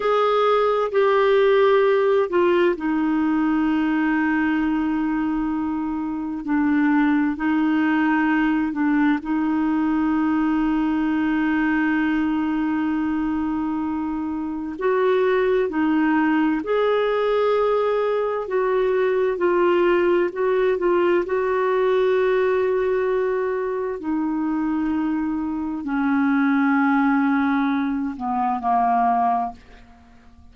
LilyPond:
\new Staff \with { instrumentName = "clarinet" } { \time 4/4 \tempo 4 = 65 gis'4 g'4. f'8 dis'4~ | dis'2. d'4 | dis'4. d'8 dis'2~ | dis'1 |
fis'4 dis'4 gis'2 | fis'4 f'4 fis'8 f'8 fis'4~ | fis'2 dis'2 | cis'2~ cis'8 b8 ais4 | }